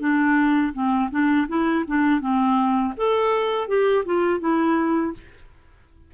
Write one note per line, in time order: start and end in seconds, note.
0.00 0.73 D4
0.74 1.10 C4
1.11 1.48 D4
1.48 1.85 E4
1.88 2.21 D4
2.21 2.94 C4
2.97 3.68 A4
3.68 4.05 G4
4.05 4.40 F4
4.40 5.14 E4